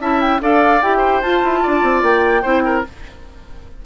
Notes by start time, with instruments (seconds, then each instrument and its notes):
0.00 bassoon C#4, clarinet E4, oboe E5, flute A5
0.21 flute G5
0.41 bassoon D4, clarinet A4, oboe D5, flute F5
0.82 bassoon E4, clarinet G4, flute G5
0.98 oboe C5
1.22 bassoon F4, clarinet F4, flute A5
1.44 bassoon E4
1.64 bassoon D4, oboe D5
1.83 bassoon C4
2.03 bassoon A#3, flute G5
2.42 bassoon C4, clarinet E4, oboe C5
2.65 oboe A#4